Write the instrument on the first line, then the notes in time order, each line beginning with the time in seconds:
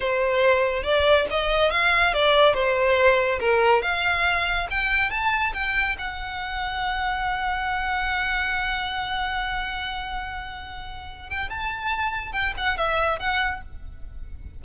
violin
0.00 C5
0.83 D5
1.30 D#5
1.71 F5
2.13 D5
2.54 C5
3.39 A#4
3.82 F5
4.70 G5
5.10 A5
5.53 G5
5.98 F#5
11.29 G5
11.49 A5
12.32 G5
12.57 F#5
12.77 E5
13.19 F#5